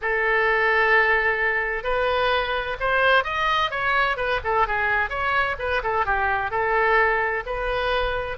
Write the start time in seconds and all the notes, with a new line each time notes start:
0.01 A4
1.83 B4
2.79 C5
3.24 D#5
3.70 C#5
4.16 B4
4.44 A4
4.67 G#4
5.09 C#5
5.59 B4
5.83 A4
6.05 G4
6.50 A4
7.46 B4